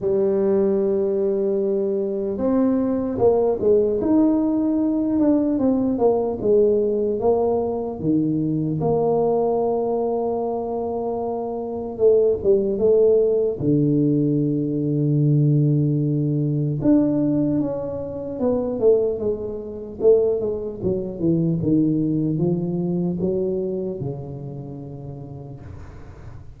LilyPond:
\new Staff \with { instrumentName = "tuba" } { \time 4/4 \tempo 4 = 75 g2. c'4 | ais8 gis8 dis'4. d'8 c'8 ais8 | gis4 ais4 dis4 ais4~ | ais2. a8 g8 |
a4 d2.~ | d4 d'4 cis'4 b8 a8 | gis4 a8 gis8 fis8 e8 dis4 | f4 fis4 cis2 | }